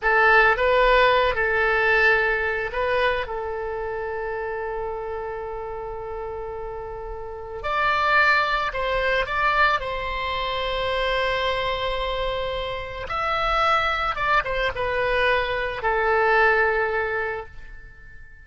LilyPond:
\new Staff \with { instrumentName = "oboe" } { \time 4/4 \tempo 4 = 110 a'4 b'4. a'4.~ | a'4 b'4 a'2~ | a'1~ | a'2 d''2 |
c''4 d''4 c''2~ | c''1 | e''2 d''8 c''8 b'4~ | b'4 a'2. | }